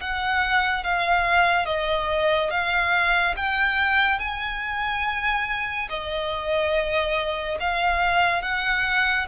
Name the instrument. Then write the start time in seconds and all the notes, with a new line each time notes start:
violin
0.00 F#5
0.83 F5
1.65 D#5
2.50 F5
3.36 G5
4.19 G#5
5.89 D#5
7.59 F5
8.42 F#5